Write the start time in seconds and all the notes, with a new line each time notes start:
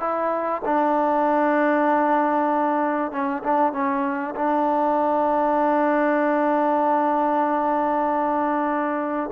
0.00 E4
0.65 D4
3.12 C#4
3.44 D4
3.73 C#4
4.36 D4